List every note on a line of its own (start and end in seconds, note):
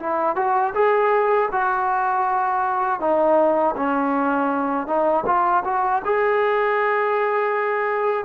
0.00 0.36 E4
0.36 0.74 F#4
0.74 1.49 G#4
1.52 3.00 F#4
3.00 3.75 D#4
3.76 4.87 C#4
4.87 5.25 D#4
5.26 5.64 F4
5.65 6.02 F#4
6.05 8.25 G#4